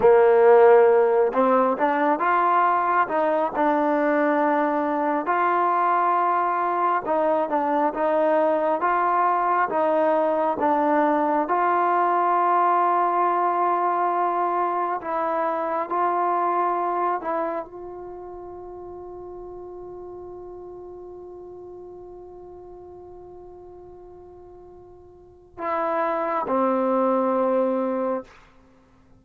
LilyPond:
\new Staff \with { instrumentName = "trombone" } { \time 4/4 \tempo 4 = 68 ais4. c'8 d'8 f'4 dis'8 | d'2 f'2 | dis'8 d'8 dis'4 f'4 dis'4 | d'4 f'2.~ |
f'4 e'4 f'4. e'8 | f'1~ | f'1~ | f'4 e'4 c'2 | }